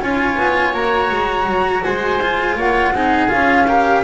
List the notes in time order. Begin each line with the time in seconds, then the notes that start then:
0.00 C#4 F4 C#5 G#5
0.38 B3
0.73 A#3 F#4 A#5
1.11 G#3
1.47 F#3
1.83 G#3 C5 G#5
2.22 F4
2.56 A#3 C#5 F#5
2.92 C4 D#4 G#4
3.29 C#4 F4 F5
3.67 G4 A#4